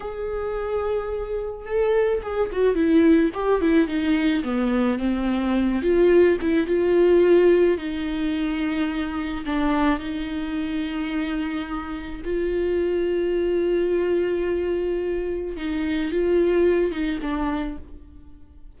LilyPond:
\new Staff \with { instrumentName = "viola" } { \time 4/4 \tempo 4 = 108 gis'2. a'4 | gis'8 fis'8 e'4 g'8 e'8 dis'4 | b4 c'4. f'4 e'8 | f'2 dis'2~ |
dis'4 d'4 dis'2~ | dis'2 f'2~ | f'1 | dis'4 f'4. dis'8 d'4 | }